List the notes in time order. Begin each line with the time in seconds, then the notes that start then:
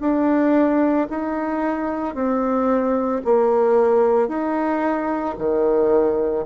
0.00 D4
1.10 D#4
2.14 C4
3.24 A#3
4.28 D#4
5.38 D#3